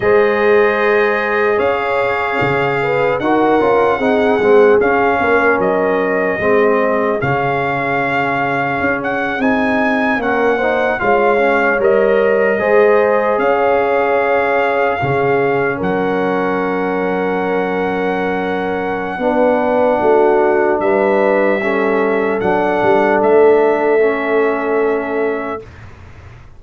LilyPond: <<
  \new Staff \with { instrumentName = "trumpet" } { \time 4/4 \tempo 4 = 75 dis''2 f''2 | fis''2 f''4 dis''4~ | dis''4 f''2~ f''16 fis''8 gis''16~ | gis''8. fis''4 f''4 dis''4~ dis''16~ |
dis''8. f''2. fis''16~ | fis''1~ | fis''2 e''2 | fis''4 e''2. | }
  \new Staff \with { instrumentName = "horn" } { \time 4/4 c''2 cis''4. b'8 | ais'4 gis'4. ais'4. | gis'1~ | gis'8. ais'8 c''8 cis''2 c''16~ |
c''8. cis''2 gis'4 ais'16~ | ais'1 | b'4 fis'4 b'4 a'4~ | a'1 | }
  \new Staff \with { instrumentName = "trombone" } { \time 4/4 gis'1 | fis'8 f'8 dis'8 c'8 cis'2 | c'4 cis'2~ cis'8. dis'16~ | dis'8. cis'8 dis'8 f'8 cis'8 ais'4 gis'16~ |
gis'2~ gis'8. cis'4~ cis'16~ | cis'1 | d'2. cis'4 | d'2 cis'2 | }
  \new Staff \with { instrumentName = "tuba" } { \time 4/4 gis2 cis'4 cis4 | dis'8 cis'8 c'8 gis8 cis'8 ais8 fis4 | gis4 cis2 cis'8. c'16~ | c'8. ais4 gis4 g4 gis16~ |
gis8. cis'2 cis4 fis16~ | fis1 | b4 a4 g2 | fis8 g8 a2. | }
>>